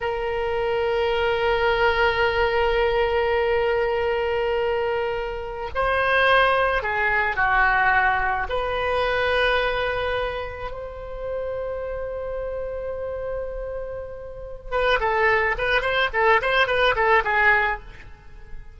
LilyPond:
\new Staff \with { instrumentName = "oboe" } { \time 4/4 \tempo 4 = 108 ais'1~ | ais'1~ | ais'2~ ais'16 c''4.~ c''16~ | c''16 gis'4 fis'2 b'8.~ |
b'2.~ b'16 c''8.~ | c''1~ | c''2~ c''8 b'8 a'4 | b'8 c''8 a'8 c''8 b'8 a'8 gis'4 | }